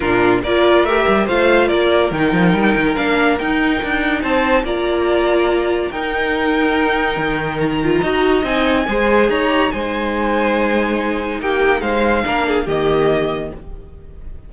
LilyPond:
<<
  \new Staff \with { instrumentName = "violin" } { \time 4/4 \tempo 4 = 142 ais'4 d''4 e''4 f''4 | d''4 g''2 f''4 | g''2 a''4 ais''4~ | ais''2 g''2~ |
g''2 ais''2 | gis''2 ais''4 gis''4~ | gis''2. g''4 | f''2 dis''2 | }
  \new Staff \with { instrumentName = "violin" } { \time 4/4 f'4 ais'2 c''4 | ais'1~ | ais'2 c''4 d''4~ | d''2 ais'2~ |
ais'2. dis''4~ | dis''4 c''4 cis''4 c''4~ | c''2. g'4 | c''4 ais'8 gis'8 g'2 | }
  \new Staff \with { instrumentName = "viola" } { \time 4/4 d'4 f'4 g'4 f'4~ | f'4 dis'2 d'4 | dis'2. f'4~ | f'2 dis'2~ |
dis'2~ dis'8 f'8 fis'4 | dis'4 gis'4. g'8 dis'4~ | dis'1~ | dis'4 d'4 ais2 | }
  \new Staff \with { instrumentName = "cello" } { \time 4/4 ais,4 ais4 a8 g8 a4 | ais4 dis8 f8 g8 dis8 ais4 | dis'4 d'4 c'4 ais4~ | ais2 dis'2~ |
dis'4 dis2 dis'4 | c'4 gis4 dis'4 gis4~ | gis2. ais4 | gis4 ais4 dis2 | }
>>